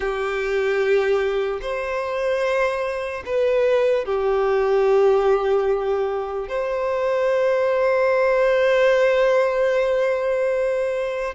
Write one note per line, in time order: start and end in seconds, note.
0.00 1.60 G4
1.61 3.23 C5
3.25 4.05 B4
4.05 6.48 G4
6.48 11.34 C5